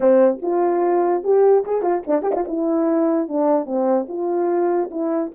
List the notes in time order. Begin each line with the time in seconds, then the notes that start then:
0.00 C4
0.42 F4
1.23 G4
1.64 G#4
1.81 F4
2.06 D4
2.22 G4
2.35 F4
2.47 E4
3.28 D4
3.65 C4
4.08 F4
4.91 E4